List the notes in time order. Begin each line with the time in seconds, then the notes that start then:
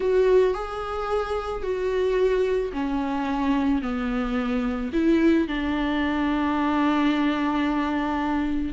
0.00 F#4
0.53 G#4
1.62 F#4
2.72 C#4
3.82 B3
4.92 E4
5.47 D4